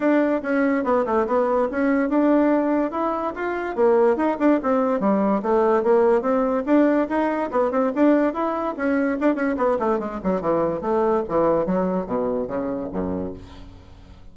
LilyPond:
\new Staff \with { instrumentName = "bassoon" } { \time 4/4 \tempo 4 = 144 d'4 cis'4 b8 a8 b4 | cis'4 d'2 e'4 | f'4 ais4 dis'8 d'8 c'4 | g4 a4 ais4 c'4 |
d'4 dis'4 b8 c'8 d'4 | e'4 cis'4 d'8 cis'8 b8 a8 | gis8 fis8 e4 a4 e4 | fis4 b,4 cis4 fis,4 | }